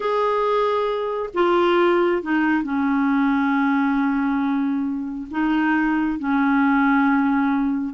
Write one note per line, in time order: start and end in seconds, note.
0.00 1.29 G#4
1.34 2.22 F4
2.22 2.63 D#4
2.63 5.28 C#4
5.30 6.18 D#4
6.18 7.94 C#4